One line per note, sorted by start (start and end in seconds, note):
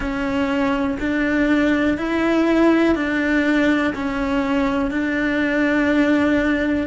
0.00 0.97 C#4
0.99 1.97 D4
1.97 2.95 E4
2.95 3.93 D4
3.94 4.90 C#4
4.90 6.87 D4